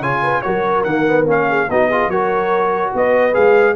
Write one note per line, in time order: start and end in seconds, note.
0.00 0.42 C#3
0.00 0.44 F4
0.00 0.21 C#5
0.00 0.41 G#5
0.23 0.44 B4
0.41 0.85 F#3
0.41 0.85 F#4
0.41 1.48 A#4
0.41 0.83 C#5
0.83 1.26 D#3
0.83 1.07 A#3
0.83 1.25 F#5
1.07 1.26 B3
1.26 1.68 A#3
1.26 1.68 C#4
1.26 1.70 F5
1.49 1.69 G#4
1.69 2.07 B3
1.69 1.91 D#4
1.69 1.89 F#4
1.69 2.10 D#5
1.89 2.12 F4
1.89 2.10 G#4
2.07 2.91 F#3
2.07 3.33 F#4
2.07 2.93 A#4
2.07 2.93 C#5
2.94 3.36 B3
2.94 3.76 B4
2.94 3.34 D#5
3.33 3.76 G#3
3.33 3.75 G#4
3.33 3.76 F5